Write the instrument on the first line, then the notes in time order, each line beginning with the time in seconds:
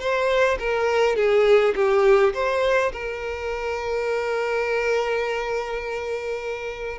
violin
0.00 C5
0.60 A#4
1.17 G#4
1.76 G4
2.34 C5
2.93 A#4